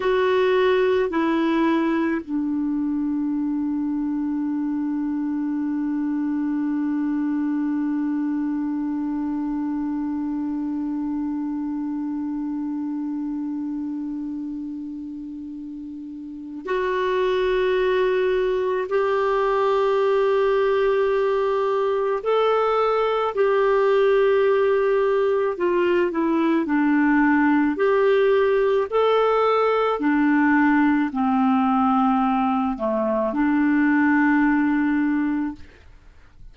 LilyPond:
\new Staff \with { instrumentName = "clarinet" } { \time 4/4 \tempo 4 = 54 fis'4 e'4 d'2~ | d'1~ | d'1~ | d'2. fis'4~ |
fis'4 g'2. | a'4 g'2 f'8 e'8 | d'4 g'4 a'4 d'4 | c'4. a8 d'2 | }